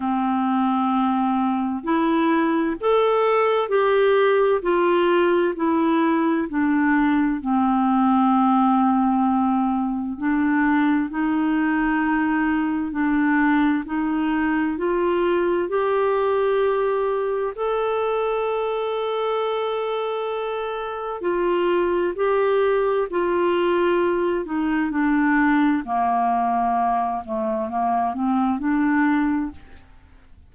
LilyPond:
\new Staff \with { instrumentName = "clarinet" } { \time 4/4 \tempo 4 = 65 c'2 e'4 a'4 | g'4 f'4 e'4 d'4 | c'2. d'4 | dis'2 d'4 dis'4 |
f'4 g'2 a'4~ | a'2. f'4 | g'4 f'4. dis'8 d'4 | ais4. a8 ais8 c'8 d'4 | }